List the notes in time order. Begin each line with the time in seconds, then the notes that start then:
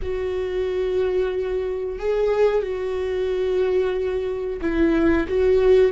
0.02 F#4
1.99 G#4
2.62 F#4
4.61 E4
5.27 F#4